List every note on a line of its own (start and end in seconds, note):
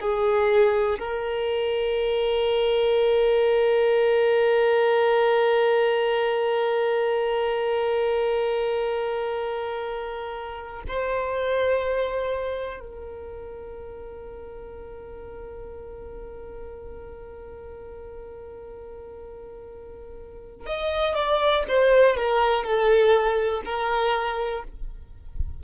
0.00 0.98 G#4
0.99 10.82 A#4
10.88 12.80 C5
12.80 20.66 A#4
20.66 21.15 D#5
21.15 21.64 D5
21.68 22.16 C5
22.16 22.64 A#4
22.64 23.62 A4
23.65 24.63 A#4